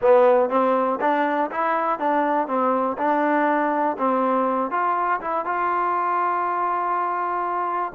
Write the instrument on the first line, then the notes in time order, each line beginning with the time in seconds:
trombone
0.01 B3
0.49 C4
1.00 D4
1.51 E4
1.99 D4
2.47 C4
2.97 D4
3.98 C4
4.70 F4
5.20 E4
5.45 F4